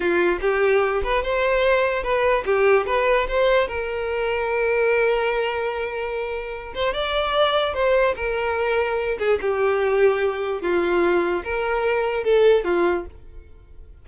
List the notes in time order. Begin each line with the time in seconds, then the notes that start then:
0.00 F4
0.41 G4
1.03 B4
1.23 C5
2.03 B4
2.45 G4
2.86 B4
3.28 C5
3.67 A#4
6.74 C5
6.93 D5
7.73 C5
8.16 A#4
9.19 G#4
9.41 G4
10.61 F4
11.44 A#4
12.24 A4
12.64 F4